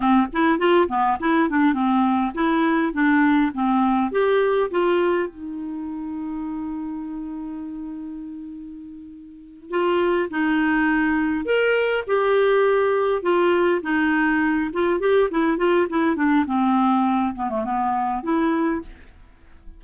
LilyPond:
\new Staff \with { instrumentName = "clarinet" } { \time 4/4 \tempo 4 = 102 c'8 e'8 f'8 b8 e'8 d'8 c'4 | e'4 d'4 c'4 g'4 | f'4 dis'2.~ | dis'1~ |
dis'8 f'4 dis'2 ais'8~ | ais'8 g'2 f'4 dis'8~ | dis'4 f'8 g'8 e'8 f'8 e'8 d'8 | c'4. b16 a16 b4 e'4 | }